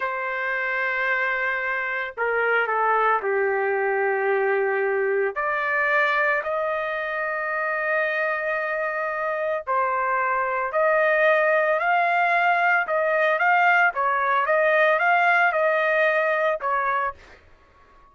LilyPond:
\new Staff \with { instrumentName = "trumpet" } { \time 4/4 \tempo 4 = 112 c''1 | ais'4 a'4 g'2~ | g'2 d''2 | dis''1~ |
dis''2 c''2 | dis''2 f''2 | dis''4 f''4 cis''4 dis''4 | f''4 dis''2 cis''4 | }